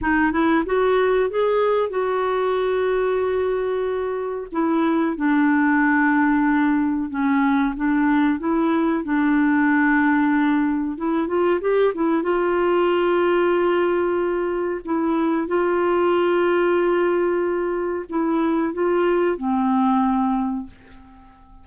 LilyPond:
\new Staff \with { instrumentName = "clarinet" } { \time 4/4 \tempo 4 = 93 dis'8 e'8 fis'4 gis'4 fis'4~ | fis'2. e'4 | d'2. cis'4 | d'4 e'4 d'2~ |
d'4 e'8 f'8 g'8 e'8 f'4~ | f'2. e'4 | f'1 | e'4 f'4 c'2 | }